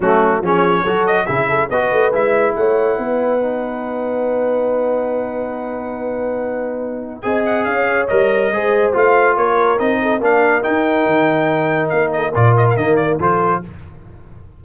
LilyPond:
<<
  \new Staff \with { instrumentName = "trumpet" } { \time 4/4 \tempo 4 = 141 fis'4 cis''4. dis''8 e''4 | dis''4 e''4 fis''2~ | fis''1~ | fis''1~ |
fis''4 gis''8 fis''8 f''4 dis''4~ | dis''4 f''4 cis''4 dis''4 | f''4 g''2. | f''8 dis''8 d''8 dis''16 f''16 dis''8 d''8 c''4 | }
  \new Staff \with { instrumentName = "horn" } { \time 4/4 cis'4 gis'4 a'4 gis'8 a'8 | b'2 cis''4 b'4~ | b'1~ | b'1~ |
b'4 dis''4 cis''2 | c''2 ais'4. a'8 | ais'1~ | ais'8 a'8 ais'2 a'4 | }
  \new Staff \with { instrumentName = "trombone" } { \time 4/4 a4 cis'4 fis'4 e'4 | fis'4 e'2. | dis'1~ | dis'1~ |
dis'4 gis'2 ais'4 | gis'4 f'2 dis'4 | d'4 dis'2.~ | dis'4 f'4 ais4 f'4 | }
  \new Staff \with { instrumentName = "tuba" } { \time 4/4 fis4 f4 fis4 cis4 | b8 a8 gis4 a4 b4~ | b1~ | b1~ |
b4 c'4 cis'4 g4 | gis4 a4 ais4 c'4 | ais4 dis'4 dis2 | ais4 ais,4 dis4 f4 | }
>>